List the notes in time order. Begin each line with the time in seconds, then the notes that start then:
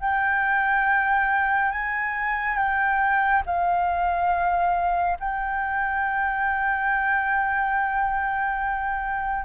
0.00 G5
1.71 G#5
2.56 G5
3.46 F5
5.19 G5